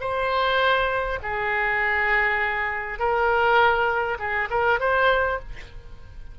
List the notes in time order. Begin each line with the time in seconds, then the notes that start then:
0.00 C5
1.22 G#4
2.99 A#4
4.19 G#4
4.50 A#4
4.79 C5